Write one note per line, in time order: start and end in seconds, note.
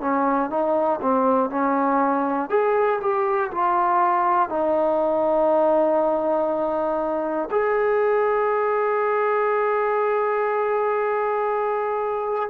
0.00 0.50 C#4
0.50 1.00 D#4
1.01 1.50 C4
1.50 2.49 C#4
2.49 2.99 G#4
3.00 3.50 G4
3.51 4.49 F4
4.49 7.49 D#4
7.50 12.50 G#4